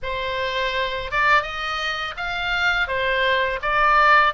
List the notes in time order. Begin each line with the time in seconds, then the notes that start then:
0.02 C5
1.11 D5
1.42 D#5
2.16 F5
2.87 C5
3.62 D5